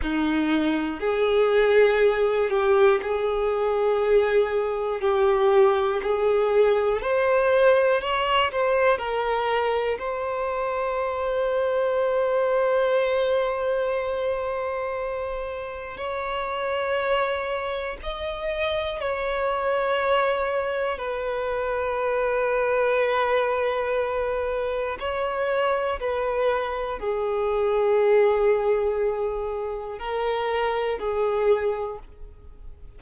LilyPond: \new Staff \with { instrumentName = "violin" } { \time 4/4 \tempo 4 = 60 dis'4 gis'4. g'8 gis'4~ | gis'4 g'4 gis'4 c''4 | cis''8 c''8 ais'4 c''2~ | c''1 |
cis''2 dis''4 cis''4~ | cis''4 b'2.~ | b'4 cis''4 b'4 gis'4~ | gis'2 ais'4 gis'4 | }